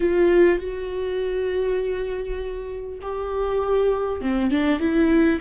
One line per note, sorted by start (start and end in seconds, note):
0.00 0.59 F4
0.59 2.99 F#4
3.01 4.21 G4
4.21 4.50 C4
4.50 4.79 D4
4.79 5.39 E4